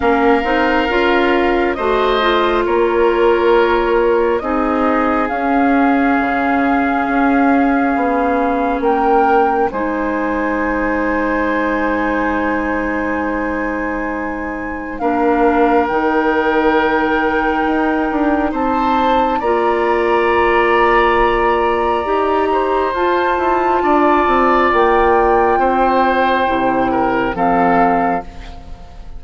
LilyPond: <<
  \new Staff \with { instrumentName = "flute" } { \time 4/4 \tempo 4 = 68 f''2 dis''4 cis''4~ | cis''4 dis''4 f''2~ | f''2 g''4 gis''4~ | gis''1~ |
gis''4 f''4 g''2~ | g''4 a''4 ais''2~ | ais''2 a''2 | g''2. f''4 | }
  \new Staff \with { instrumentName = "oboe" } { \time 4/4 ais'2 c''4 ais'4~ | ais'4 gis'2.~ | gis'2 ais'4 c''4~ | c''1~ |
c''4 ais'2.~ | ais'4 c''4 d''2~ | d''4. c''4. d''4~ | d''4 c''4. ais'8 a'4 | }
  \new Staff \with { instrumentName = "clarinet" } { \time 4/4 cis'8 dis'8 f'4 fis'8 f'4.~ | f'4 dis'4 cis'2~ | cis'2. dis'4~ | dis'1~ |
dis'4 d'4 dis'2~ | dis'2 f'2~ | f'4 g'4 f'2~ | f'2 e'4 c'4 | }
  \new Staff \with { instrumentName = "bassoon" } { \time 4/4 ais8 c'8 cis'4 a4 ais4~ | ais4 c'4 cis'4 cis4 | cis'4 b4 ais4 gis4~ | gis1~ |
gis4 ais4 dis2 | dis'8 d'8 c'4 ais2~ | ais4 dis'4 f'8 e'8 d'8 c'8 | ais4 c'4 c4 f4 | }
>>